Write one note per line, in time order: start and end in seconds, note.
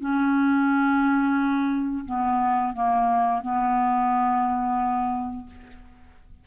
0.00 2.05 C#4
2.05 2.73 B3
2.73 3.42 A#3
3.42 5.46 B3